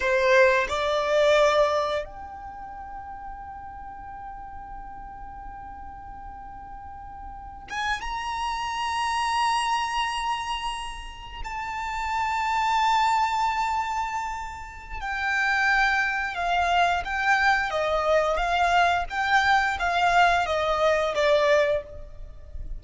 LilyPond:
\new Staff \with { instrumentName = "violin" } { \time 4/4 \tempo 4 = 88 c''4 d''2 g''4~ | g''1~ | g''2.~ g''16 gis''8 ais''16~ | ais''1~ |
ais''8. a''2.~ a''16~ | a''2 g''2 | f''4 g''4 dis''4 f''4 | g''4 f''4 dis''4 d''4 | }